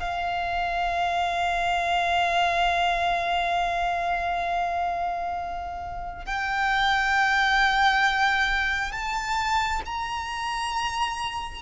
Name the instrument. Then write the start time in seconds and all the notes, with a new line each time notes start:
violin
0.00 F5
6.26 G5
8.92 A5
9.86 A#5